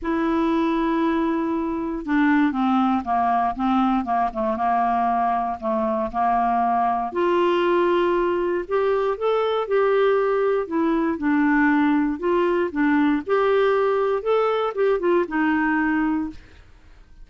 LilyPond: \new Staff \with { instrumentName = "clarinet" } { \time 4/4 \tempo 4 = 118 e'1 | d'4 c'4 ais4 c'4 | ais8 a8 ais2 a4 | ais2 f'2~ |
f'4 g'4 a'4 g'4~ | g'4 e'4 d'2 | f'4 d'4 g'2 | a'4 g'8 f'8 dis'2 | }